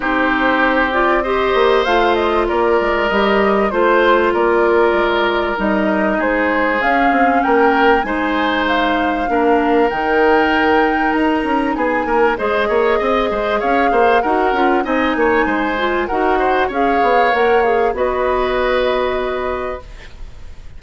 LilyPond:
<<
  \new Staff \with { instrumentName = "flute" } { \time 4/4 \tempo 4 = 97 c''4. d''8 dis''4 f''8 dis''8 | d''4 dis''4 c''4 d''4~ | d''4 dis''4 c''4 f''4 | g''4 gis''4 f''2 |
g''2 ais''4 gis''4 | dis''2 f''4 fis''4 | gis''2 fis''4 f''4 | fis''8 f''8 dis''2. | }
  \new Staff \with { instrumentName = "oboe" } { \time 4/4 g'2 c''2 | ais'2 c''4 ais'4~ | ais'2 gis'2 | ais'4 c''2 ais'4~ |
ais'2. gis'8 ais'8 | c''8 cis''8 dis''8 c''8 cis''8 c''8 ais'4 | dis''8 cis''8 c''4 ais'8 c''8 cis''4~ | cis''4 b'2. | }
  \new Staff \with { instrumentName = "clarinet" } { \time 4/4 dis'4. f'8 g'4 f'4~ | f'4 g'4 f'2~ | f'4 dis'2 cis'4~ | cis'4 dis'2 d'4 |
dis'1 | gis'2. fis'8 f'8 | dis'4. f'8 fis'4 gis'4 | ais'8 gis'8 fis'2. | }
  \new Staff \with { instrumentName = "bassoon" } { \time 4/4 c'2~ c'8 ais8 a4 | ais8 gis8 g4 a4 ais4 | gis4 g4 gis4 cis'8 c'8 | ais4 gis2 ais4 |
dis2 dis'8 cis'8 b8 ais8 | gis8 ais8 c'8 gis8 cis'8 ais8 dis'8 cis'8 | c'8 ais8 gis4 dis'4 cis'8 b8 | ais4 b2. | }
>>